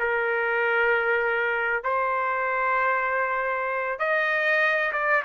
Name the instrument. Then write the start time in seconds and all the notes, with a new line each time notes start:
trumpet
0.00 A#4
1.84 C5
4.00 D#5
4.93 D5